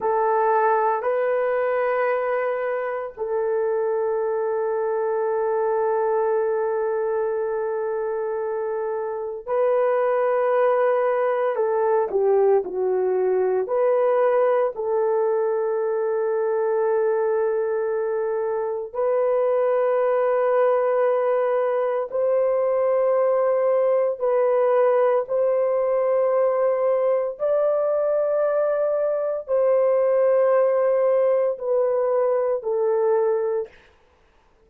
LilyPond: \new Staff \with { instrumentName = "horn" } { \time 4/4 \tempo 4 = 57 a'4 b'2 a'4~ | a'1~ | a'4 b'2 a'8 g'8 | fis'4 b'4 a'2~ |
a'2 b'2~ | b'4 c''2 b'4 | c''2 d''2 | c''2 b'4 a'4 | }